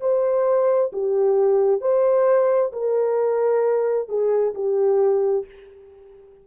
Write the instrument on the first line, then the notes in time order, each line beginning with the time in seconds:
horn
0.00 C5
0.92 G4
1.81 C5
2.72 A#4
4.08 G#4
4.55 G4